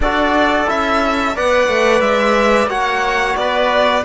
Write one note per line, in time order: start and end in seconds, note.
0.00 0.65 D4
0.00 0.67 F#4
0.00 1.35 A4
0.00 0.69 D5
0.67 1.36 C#4
0.67 1.34 E4
0.67 1.36 E5
1.35 1.68 B3
1.35 2.69 B4
1.35 2.69 D5
1.35 2.00 F#5
1.68 2.01 A3
2.00 2.67 G#3
2.00 2.68 E5
2.67 3.34 A#3
2.67 4.04 F#4
2.67 3.37 C#5
2.67 3.36 F#5
3.36 4.04 B3
3.36 4.04 B4
3.36 4.03 D5